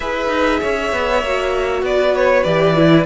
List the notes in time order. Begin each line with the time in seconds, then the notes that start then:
0.00 E4 G#4 B4 E5
0.28 D#4
0.60 C#4 C#5
0.92 B3
1.22 A#3 F#4
1.82 B3 B4 D5
2.15 C#5
2.43 E3 G4 D5
2.76 E4